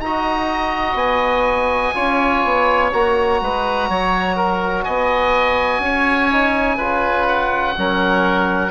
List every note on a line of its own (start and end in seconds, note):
0.00 0.95 D#4
0.00 1.94 F#4
0.00 1.95 D#5
0.00 0.97 A#5
0.95 1.91 B3
0.95 2.91 G#5
1.94 2.44 C#4
1.94 2.91 F4
1.94 3.40 C#5
2.44 2.92 B3
2.93 3.41 A#3
2.93 6.31 F#4
2.93 4.84 A#5
3.41 3.89 G#3
3.41 3.90 B4
3.89 4.86 F#3
3.89 4.36 C#5
4.36 4.84 A#4
4.84 5.79 B3
4.84 5.82 D#5
4.84 7.26 G#5
5.79 6.76 C#4
5.79 6.77 C#5
6.31 6.79 D#4
6.77 7.76 C#3
6.77 7.76 F4
6.77 7.74 B4
7.28 8.72 F#5
7.77 8.72 F#3
7.77 8.72 C#4
7.77 8.72 A#4